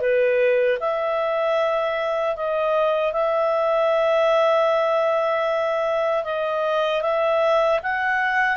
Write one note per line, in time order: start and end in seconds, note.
0.00 0.78 B4
0.80 2.36 E5
2.36 3.12 D#5
3.12 6.24 E5
6.24 7.02 D#5
7.02 7.80 E5
7.83 8.57 F#5